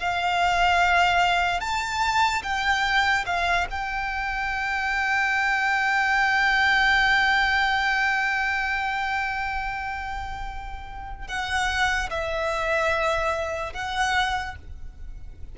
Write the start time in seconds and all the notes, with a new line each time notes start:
0.00 F5
1.61 A5
2.43 G5
3.27 F5
3.71 G5
11.28 F#5
12.10 E5
13.74 F#5